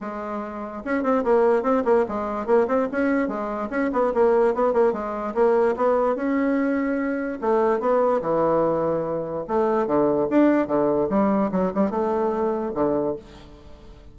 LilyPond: \new Staff \with { instrumentName = "bassoon" } { \time 4/4 \tempo 4 = 146 gis2 cis'8 c'8 ais4 | c'8 ais8 gis4 ais8 c'8 cis'4 | gis4 cis'8 b8 ais4 b8 ais8 | gis4 ais4 b4 cis'4~ |
cis'2 a4 b4 | e2. a4 | d4 d'4 d4 g4 | fis8 g8 a2 d4 | }